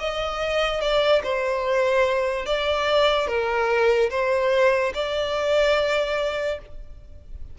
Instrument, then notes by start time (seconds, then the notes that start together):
violin
0.00 D#5
0.81 D5
1.24 C5
2.46 D5
3.28 A#4
4.11 C5
4.95 D5